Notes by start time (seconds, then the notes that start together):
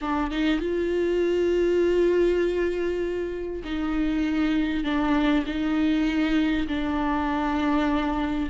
0.01 D4
0.30 D#4
0.60 F4
3.64 D#4
4.83 D4
5.46 D#4
6.67 D4